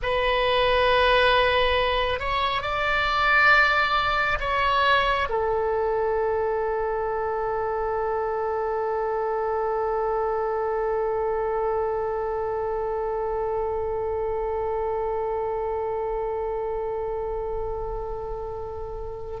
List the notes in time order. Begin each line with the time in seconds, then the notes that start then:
0.02 B4
2.19 C#5
2.61 D5
4.40 C#5
5.29 A4